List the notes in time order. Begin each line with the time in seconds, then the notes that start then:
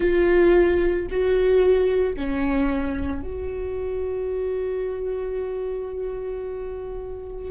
0.00 F4
1.10 F#4
2.15 C#4
3.22 F#4